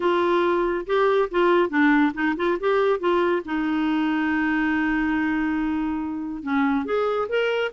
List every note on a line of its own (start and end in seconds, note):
0.00 0.85 F4
0.86 1.29 G4
1.30 1.69 F4
1.69 2.12 D4
2.14 2.35 D#4
2.36 2.57 F4
2.59 2.99 G4
2.99 3.42 F4
3.45 6.42 D#4
6.42 6.85 C#4
6.85 7.28 G#4
7.28 7.71 A#4